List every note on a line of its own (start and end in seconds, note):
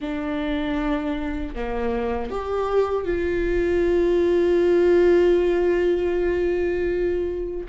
0.00 1.54 D4
1.54 2.30 A#3
2.30 3.05 G4
3.05 7.66 F4